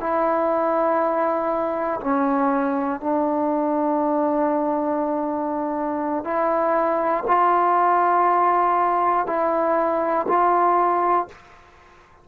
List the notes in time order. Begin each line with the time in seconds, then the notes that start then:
0.00 E4
2.00 C#4
3.00 D4
6.24 E4
7.27 F4
9.26 E4
10.28 F4